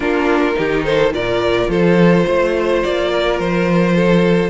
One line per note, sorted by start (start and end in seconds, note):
0.00 0.55 A#3
0.00 0.54 D4
0.00 0.56 F4
0.00 0.84 A#4
0.54 1.13 D#3
0.54 1.10 D#4
0.54 0.84 G4
0.84 1.13 A4
0.84 1.12 C5
1.12 1.67 A#2
1.12 4.50 F4
1.12 1.69 A#4
1.12 1.70 D5
1.67 2.24 F3
1.67 2.26 A4
1.67 2.83 C5
2.26 2.83 A3
2.26 3.10 C5
2.83 3.39 A#3
2.83 3.39 D5
3.10 3.95 A#4
3.39 4.50 F3
3.39 4.50 C5
3.95 4.50 A4